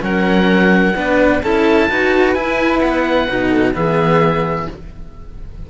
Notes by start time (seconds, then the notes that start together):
0.00 F#3 C#4 A#4 F#5
0.95 B3 D4 B4
1.42 C#4 E4 A4 A5
1.89 D#4 F#4 B4
2.34 E4 G#5
2.80 B3 F#5
3.28 B2 D#4
3.48 A4
3.74 E3 B3 G#4 E5